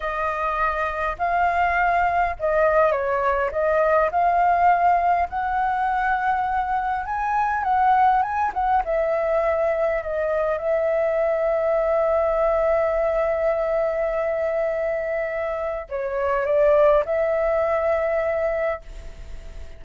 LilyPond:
\new Staff \with { instrumentName = "flute" } { \time 4/4 \tempo 4 = 102 dis''2 f''2 | dis''4 cis''4 dis''4 f''4~ | f''4 fis''2. | gis''4 fis''4 gis''8 fis''8 e''4~ |
e''4 dis''4 e''2~ | e''1~ | e''2. cis''4 | d''4 e''2. | }